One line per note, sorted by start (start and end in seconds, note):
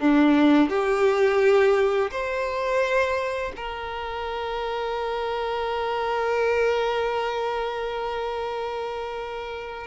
0.00 0.70 D4
0.70 2.11 G4
2.11 3.52 C5
3.56 9.87 A#4